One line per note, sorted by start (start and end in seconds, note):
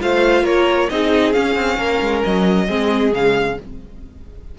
0.00 0.43 A3
0.00 0.90 F4
0.00 0.44 C5
0.00 0.46 F5
0.43 0.88 A#3
0.43 0.89 A#4
0.43 0.90 C#5
0.90 1.36 C4
0.90 1.33 D#4
0.90 1.78 G#4
0.90 1.33 D#5
1.33 2.68 C#4
1.33 1.55 C#4
1.33 2.22 F5
1.55 1.78 C4
1.78 2.01 A#3
1.78 2.66 A#4
2.01 2.24 G#3
2.24 2.69 F#3
2.24 3.14 D#5
2.66 3.13 G#3
2.66 3.13 C4
2.66 3.56 G#4
3.13 3.58 C#3
3.13 3.58 G#3
3.13 3.59 F5